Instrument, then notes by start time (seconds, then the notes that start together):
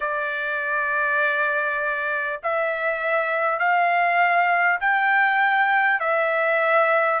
trumpet
0.00 D5
2.43 E5
3.59 F5
4.80 G5
5.99 E5